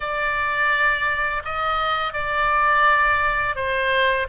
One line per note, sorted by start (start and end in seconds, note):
0.00 1.43 D5
1.44 2.13 D#5
2.13 3.55 D5
3.55 4.27 C5